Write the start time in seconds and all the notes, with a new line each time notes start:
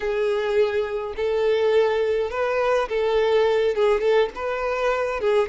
0.00 G#4
1.16 A4
2.30 B4
2.88 A4
3.75 G#4
4.00 A4
4.35 B4
5.20 G#4